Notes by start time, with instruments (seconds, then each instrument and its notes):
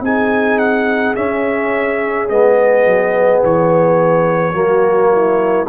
0.00 tuba C4, trombone D#4, horn G#4, trumpet G#5
0.58 trumpet F#5
1.15 trombone C#4, tuba C#4, trumpet E5
2.29 tuba G#3, trombone B3, trumpet D#5
2.86 tuba F#3
3.43 tuba E3, trumpet C#5
4.53 tuba F#3, trombone A#3, horn F#4
5.12 horn E4